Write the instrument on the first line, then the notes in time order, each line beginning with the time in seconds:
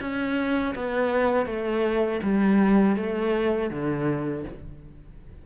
cello
0.00 C#4
0.75 B3
1.46 A3
2.23 G3
2.96 A3
3.70 D3